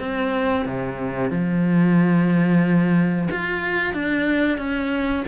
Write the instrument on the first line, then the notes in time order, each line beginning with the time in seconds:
cello
0.00 C4
0.66 C3
1.31 F3
3.31 F4
3.94 D4
4.59 C#4